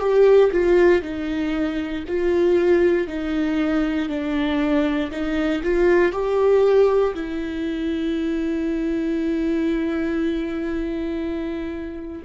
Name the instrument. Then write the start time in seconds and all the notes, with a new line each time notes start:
viola
0.00 G4
0.52 F4
1.03 D#4
2.08 F4
3.07 D#4
4.09 D4
5.11 D#4
5.63 F4
6.12 G4
7.14 E4